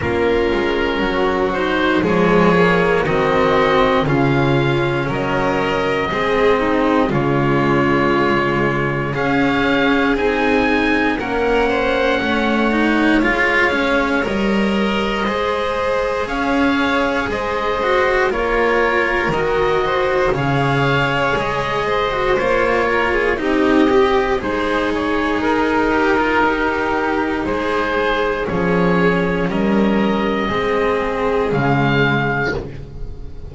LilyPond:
<<
  \new Staff \with { instrumentName = "oboe" } { \time 4/4 \tempo 4 = 59 ais'4. c''8 cis''4 dis''4 | f''4 dis''2 cis''4~ | cis''4 f''4 gis''4 fis''4~ | fis''4 f''4 dis''2 |
f''4 dis''4 cis''4 dis''4 | f''4 dis''4 cis''4 dis''4 | c''8 cis''8 ais'2 c''4 | cis''4 dis''2 f''4 | }
  \new Staff \with { instrumentName = "violin" } { \time 4/4 f'4 fis'4 gis'4 fis'4 | f'4 ais'4 gis'8 dis'8 f'4~ | f'4 gis'2 ais'8 c''8 | cis''2. c''4 |
cis''4 c''4 ais'4. c''8 | cis''4. c''4 ais'16 gis'16 g'4 | dis'1 | gis'4 ais'4 gis'2 | }
  \new Staff \with { instrumentName = "cello" } { \time 4/4 cis'4. dis'8 gis8 ais8 c'4 | cis'2 c'4 gis4~ | gis4 cis'4 dis'4 cis'4~ | cis'8 dis'8 f'8 cis'8 ais'4 gis'4~ |
gis'4. fis'8 f'4 fis'4 | gis'4.~ gis'16 fis'16 f'4 dis'8 g'8 | gis'4. g'16 f'16 g'4 gis'4 | cis'2 c'4 gis4 | }
  \new Staff \with { instrumentName = "double bass" } { \time 4/4 ais8 gis8 fis4 f4 dis4 | cis4 fis4 gis4 cis4~ | cis4 cis'4 c'4 ais4 | a4 gis4 g4 gis4 |
cis'4 gis4 ais4 dis4 | cis4 gis4 ais4 c'4 | gis4 dis'2 gis4 | f4 g4 gis4 cis4 | }
>>